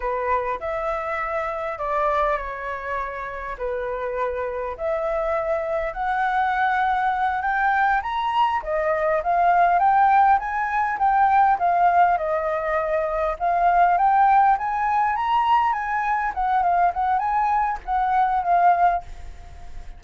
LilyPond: \new Staff \with { instrumentName = "flute" } { \time 4/4 \tempo 4 = 101 b'4 e''2 d''4 | cis''2 b'2 | e''2 fis''2~ | fis''8 g''4 ais''4 dis''4 f''8~ |
f''8 g''4 gis''4 g''4 f''8~ | f''8 dis''2 f''4 g''8~ | g''8 gis''4 ais''4 gis''4 fis''8 | f''8 fis''8 gis''4 fis''4 f''4 | }